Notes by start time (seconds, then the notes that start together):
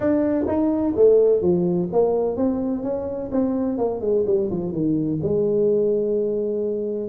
0.00 D4
0.47 D#4
0.96 A3
1.41 F3
1.92 A#3
2.36 C4
2.83 C#4
3.31 C4
3.78 A#3
4.00 G#3
4.26 G3
4.50 F3
4.72 D#3
5.22 G#3